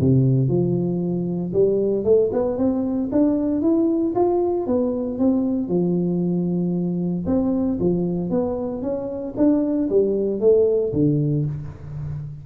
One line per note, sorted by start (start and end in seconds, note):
0.00 0.48 C3
0.48 1.52 F3
1.53 2.04 G3
2.04 2.30 A3
2.32 2.57 B3
2.57 3.09 C4
3.12 3.61 D4
3.61 4.13 E4
4.15 4.66 F4
4.66 5.18 B3
5.18 5.68 C4
5.68 7.25 F3
7.26 7.78 C4
7.80 8.30 F3
8.30 8.82 B3
8.82 9.34 C#4
9.37 9.89 D4
9.89 10.40 G3
10.40 10.92 A3
10.93 11.45 D3